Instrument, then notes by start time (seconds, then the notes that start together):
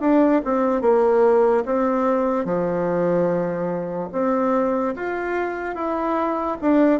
bassoon
0.00 D4
0.44 C4
0.81 A#3
1.65 C4
2.45 F3
4.12 C4
4.95 F4
5.75 E4
6.61 D4